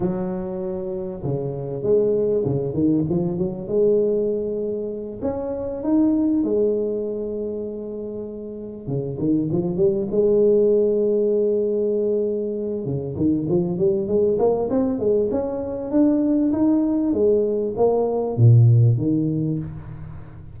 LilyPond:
\new Staff \with { instrumentName = "tuba" } { \time 4/4 \tempo 4 = 98 fis2 cis4 gis4 | cis8 dis8 f8 fis8 gis2~ | gis8 cis'4 dis'4 gis4.~ | gis2~ gis8 cis8 dis8 f8 |
g8 gis2.~ gis8~ | gis4 cis8 dis8 f8 g8 gis8 ais8 | c'8 gis8 cis'4 d'4 dis'4 | gis4 ais4 ais,4 dis4 | }